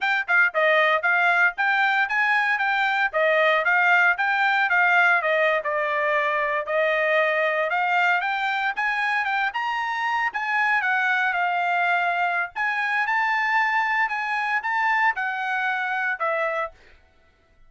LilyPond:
\new Staff \with { instrumentName = "trumpet" } { \time 4/4 \tempo 4 = 115 g''8 f''8 dis''4 f''4 g''4 | gis''4 g''4 dis''4 f''4 | g''4 f''4 dis''8. d''4~ d''16~ | d''8. dis''2 f''4 g''16~ |
g''8. gis''4 g''8 ais''4. gis''16~ | gis''8. fis''4 f''2~ f''16 | gis''4 a''2 gis''4 | a''4 fis''2 e''4 | }